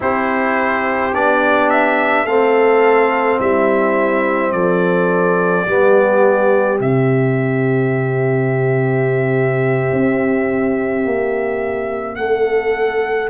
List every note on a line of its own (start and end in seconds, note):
0.00 1.13 C4
0.00 1.13 E4
0.00 2.25 G4
0.00 1.14 C5
1.13 2.24 B3
1.13 2.27 D4
1.13 1.70 D5
1.70 2.26 E5
2.24 3.37 A3
2.24 5.66 C4
2.24 3.38 A4
2.24 3.39 F5
3.39 4.52 G3
3.39 4.52 E4
3.39 4.52 E5
4.52 5.65 F3
4.52 5.66 A4
4.52 6.78 D5
5.66 6.79 G3
5.66 6.78 B3
5.66 12.17 G4
6.78 9.91 C3
6.78 13.29 C4
6.78 12.15 E5
9.92 11.05 C4
11.05 12.17 A#3
12.15 13.29 A3
12.15 13.29 A4
12.15 13.28 F#5